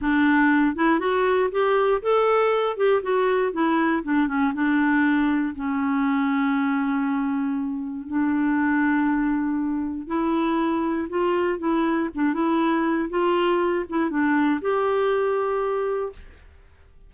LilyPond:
\new Staff \with { instrumentName = "clarinet" } { \time 4/4 \tempo 4 = 119 d'4. e'8 fis'4 g'4 | a'4. g'8 fis'4 e'4 | d'8 cis'8 d'2 cis'4~ | cis'1 |
d'1 | e'2 f'4 e'4 | d'8 e'4. f'4. e'8 | d'4 g'2. | }